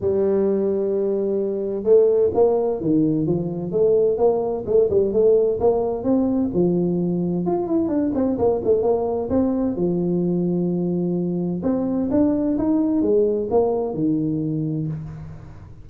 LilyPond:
\new Staff \with { instrumentName = "tuba" } { \time 4/4 \tempo 4 = 129 g1 | a4 ais4 dis4 f4 | a4 ais4 a8 g8 a4 | ais4 c'4 f2 |
f'8 e'8 d'8 c'8 ais8 a8 ais4 | c'4 f2.~ | f4 c'4 d'4 dis'4 | gis4 ais4 dis2 | }